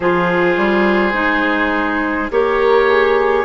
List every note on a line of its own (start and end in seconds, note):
0.00 0.56 F3
0.00 1.13 F4
0.00 2.31 G#4
0.00 2.30 C5
0.56 1.13 G3
1.13 2.29 G#3
1.13 2.28 D#4
2.30 3.44 A#3
2.30 3.44 G4
2.30 2.88 A#4
2.30 3.44 C#5
2.88 3.44 G#4